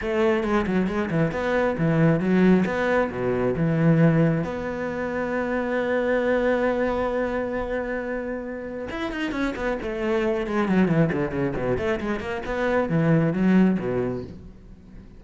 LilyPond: \new Staff \with { instrumentName = "cello" } { \time 4/4 \tempo 4 = 135 a4 gis8 fis8 gis8 e8 b4 | e4 fis4 b4 b,4 | e2 b2~ | b1~ |
b1 | e'8 dis'8 cis'8 b8 a4. gis8 | fis8 e8 d8 cis8 b,8 a8 gis8 ais8 | b4 e4 fis4 b,4 | }